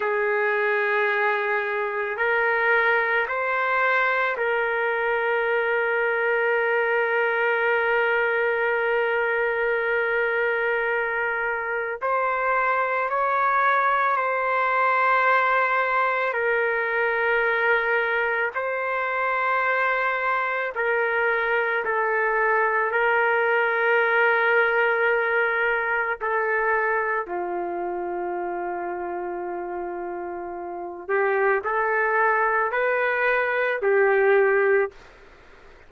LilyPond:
\new Staff \with { instrumentName = "trumpet" } { \time 4/4 \tempo 4 = 55 gis'2 ais'4 c''4 | ais'1~ | ais'2. c''4 | cis''4 c''2 ais'4~ |
ais'4 c''2 ais'4 | a'4 ais'2. | a'4 f'2.~ | f'8 g'8 a'4 b'4 g'4 | }